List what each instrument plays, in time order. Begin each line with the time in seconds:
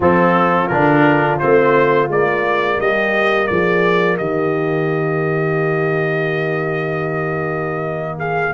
0.00 tuba F3, trombone C4, horn F4, trumpet A4
0.67 tuba D3, trombone D4, trumpet A#4
1.39 tuba A3, trombone C4, trumpet C5
2.08 tuba G#3, trombone A#3, trumpet D5
2.78 tuba G3, horn G4, trumpet D#5
3.47 tuba F3, horn G#4, trumpet D5
4.17 tuba D#3, horn G4, trumpet D#5
8.18 horn G#4, trumpet F5